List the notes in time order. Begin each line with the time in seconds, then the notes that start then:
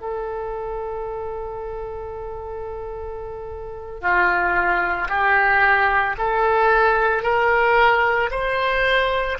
0.00 A4
4.01 F4
5.09 G4
6.18 A4
7.23 A#4
8.30 C5